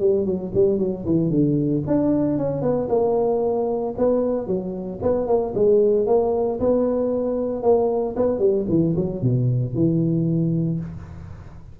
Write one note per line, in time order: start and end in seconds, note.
0.00 0.25 G3
0.25 0.52 F#3
0.55 0.78 G3
0.78 1.05 F#3
1.06 1.30 E3
1.30 1.83 D3
1.87 2.38 D4
2.38 2.62 C#4
2.62 2.88 B3
2.89 3.94 A#3
3.98 4.47 B3
4.47 5.00 F#3
5.02 5.27 B3
5.27 5.54 A#3
5.55 6.07 G#3
6.07 6.59 A#3
6.60 7.63 B3
7.63 8.15 A#3
8.17 8.39 B3
8.39 8.65 G3
8.69 8.95 E3
8.96 9.22 F#3
9.22 9.75 B2
9.75 10.80 E3